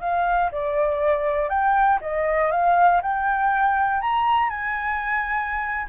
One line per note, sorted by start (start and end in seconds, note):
0.00 0.50 F5
0.51 1.49 D5
1.49 1.99 G5
2.00 2.50 D#5
2.50 3.00 F5
3.01 4.01 G5
4.01 4.49 A#5
4.49 5.87 G#5